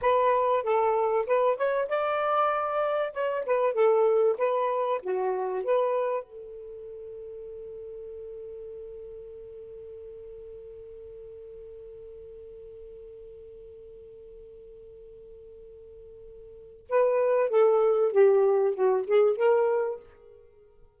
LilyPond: \new Staff \with { instrumentName = "saxophone" } { \time 4/4 \tempo 4 = 96 b'4 a'4 b'8 cis''8 d''4~ | d''4 cis''8 b'8 a'4 b'4 | fis'4 b'4 a'2~ | a'1~ |
a'1~ | a'1~ | a'2. b'4 | a'4 g'4 fis'8 gis'8 ais'4 | }